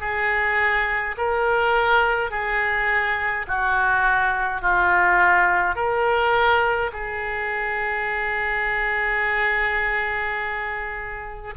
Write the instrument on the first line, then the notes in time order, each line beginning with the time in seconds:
oboe
0.00 G#4
1.17 A#4
2.30 G#4
3.47 F#4
4.61 F4
5.75 A#4
6.92 G#4